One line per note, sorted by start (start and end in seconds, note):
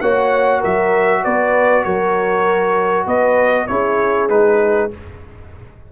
0.00 0.62 A#3
0.00 3.68 F#4
0.00 0.60 C#5
0.00 0.61 F#5
0.60 1.25 F#3
0.60 1.21 A#4
0.60 1.24 E5
1.23 1.85 B3
1.23 1.84 B4
1.23 1.84 D5
1.84 3.06 F#3
1.84 3.06 A#4
1.84 3.06 C#5
3.06 3.67 B3
3.06 3.67 B4
3.06 3.66 D#5
3.66 4.29 C#4
3.66 4.29 E4
3.66 4.92 G#4
3.66 4.28 C#5
4.29 4.90 G#3
4.29 4.90 D#4
4.29 4.90 B4